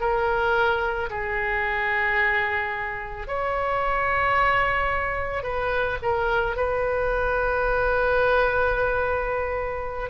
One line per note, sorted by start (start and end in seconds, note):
0.00 1.09 A#4
1.10 3.27 G#4
3.27 5.43 C#5
5.43 5.98 B4
6.02 6.56 A#4
6.56 10.10 B4